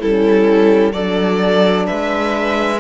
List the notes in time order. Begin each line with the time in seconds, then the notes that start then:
0.00 G3 C#4 E4 A4
0.93 F#3 D4 A4 D5
1.87 G#3 B4 E5